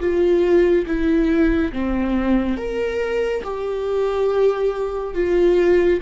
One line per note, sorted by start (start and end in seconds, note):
0.00 0.86 F4
0.86 1.72 E4
1.72 2.57 C4
2.57 3.43 A#4
3.44 5.14 G4
5.14 6.00 F4